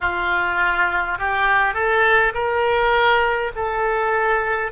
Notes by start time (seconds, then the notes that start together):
0.00 F4
1.18 G4
1.73 A4
2.34 A#4
3.55 A4